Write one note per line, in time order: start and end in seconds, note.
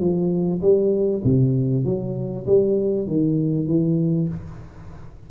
0.00 0.61 F3
0.62 1.23 G3
1.24 1.85 C3
1.85 2.46 F#3
2.46 3.07 G3
3.07 3.67 D#3
3.67 4.28 E3